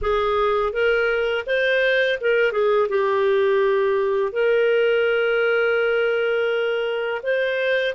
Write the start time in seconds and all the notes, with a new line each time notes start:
0.01 G#4
0.72 A#4
1.46 C5
2.20 A#4
2.51 G#4
2.88 G4
4.32 A#4
7.22 C5